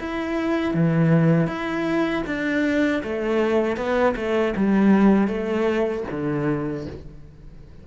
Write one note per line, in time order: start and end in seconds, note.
0.00 0.75 E4
0.75 1.48 E3
1.48 2.24 E4
2.27 3.03 D4
3.03 3.77 A3
3.77 4.15 B3
4.16 4.54 A3
4.57 5.28 G3
5.28 6.04 A3
6.11 6.87 D3